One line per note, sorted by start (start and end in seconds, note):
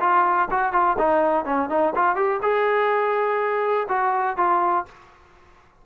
0.00 0.48 F4
0.51 0.72 F#4
0.72 0.97 F4
0.98 1.45 D#4
1.45 1.69 C#4
1.69 1.93 D#4
1.95 2.16 F4
2.16 2.40 G4
2.42 3.87 G#4
3.88 4.37 F#4
4.37 4.85 F4